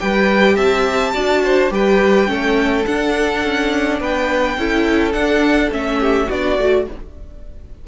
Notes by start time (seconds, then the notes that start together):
0.00 G3 G4 B4 G5
0.55 C4 E5 A5
1.14 D4 F#4 D5
1.44 C5
1.71 G3 G4 B4 G5
2.27 A3 C#4 A4
2.86 D4 F#5
3.44 C#4
4.00 B3 B4 G5
4.57 C#4 E4 A4
5.13 D4 F#5
5.71 A3 C#4 E5
6.00 G4
6.27 B3 D4 F#4 D5
6.58 A3 F#4